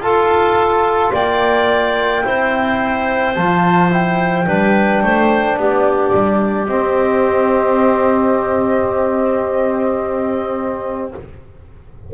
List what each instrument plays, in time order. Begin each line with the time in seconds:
0.00 double bass F4, trombone F4, clarinet A4, flute A5
1.13 double bass A#3, clarinet D5, flute G5
2.25 double bass C4, trombone E4, clarinet C5
3.35 double bass F3, trombone F4, flute A5
3.91 trombone E4, flute G5
4.46 double bass G3, trombone D4, clarinet B4
5.04 double bass A3, clarinet C5
5.57 double bass B3, clarinet G4, flute D5
6.14 double bass G3
6.67 trombone C4, double bass C4, flute D#5